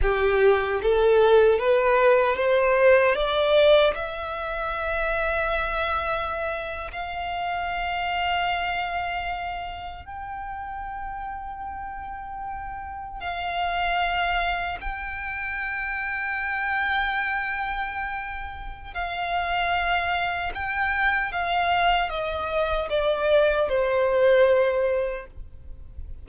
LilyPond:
\new Staff \with { instrumentName = "violin" } { \time 4/4 \tempo 4 = 76 g'4 a'4 b'4 c''4 | d''4 e''2.~ | e''8. f''2.~ f''16~ | f''8. g''2.~ g''16~ |
g''8. f''2 g''4~ g''16~ | g''1 | f''2 g''4 f''4 | dis''4 d''4 c''2 | }